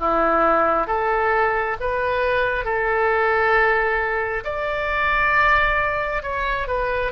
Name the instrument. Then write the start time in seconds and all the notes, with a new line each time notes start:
oboe
0.00 E4
0.87 A4
1.80 B4
2.65 A4
4.45 D5
6.22 C#5
6.67 B4